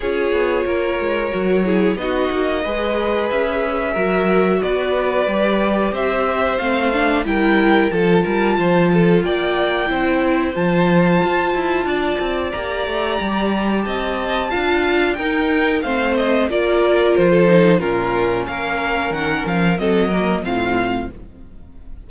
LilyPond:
<<
  \new Staff \with { instrumentName = "violin" } { \time 4/4 \tempo 4 = 91 cis''2. dis''4~ | dis''4 e''2 d''4~ | d''4 e''4 f''4 g''4 | a''2 g''2 |
a''2. ais''4~ | ais''4 a''2 g''4 | f''8 dis''8 d''4 c''4 ais'4 | f''4 fis''8 f''8 dis''4 f''4 | }
  \new Staff \with { instrumentName = "violin" } { \time 4/4 gis'4 ais'4. gis'8 fis'4 | b'2 ais'4 b'4~ | b'4 c''2 ais'4 | a'8 ais'8 c''8 a'8 d''4 c''4~ |
c''2 d''2~ | d''4 dis''4 f''4 ais'4 | c''4 ais'4~ ais'16 a'8. f'4 | ais'2 a'8 ais'8 f'4 | }
  \new Staff \with { instrumentName = "viola" } { \time 4/4 f'2 fis'8 e'8 dis'4 | gis'2 fis'2 | g'2 c'8 d'8 e'4 | f'2. e'4 |
f'2. g'4~ | g'2 f'4 dis'4 | c'4 f'4. dis'8 cis'4~ | cis'2 c'8 ais8 c'4 | }
  \new Staff \with { instrumentName = "cello" } { \time 4/4 cis'8 b8 ais8 gis8 fis4 b8 ais8 | gis4 cis'4 fis4 b4 | g4 c'4 a4 g4 | f8 g8 f4 ais4 c'4 |
f4 f'8 e'8 d'8 c'8 ais8 a8 | g4 c'4 d'4 dis'4 | a4 ais4 f4 ais,4 | ais4 dis8 f8 fis4 a,4 | }
>>